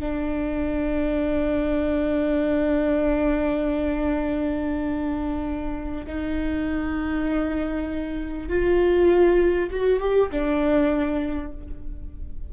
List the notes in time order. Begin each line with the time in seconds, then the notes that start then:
0.00 D4
6.07 D#4
8.49 F4
9.71 F#4
10.00 G4
10.32 D4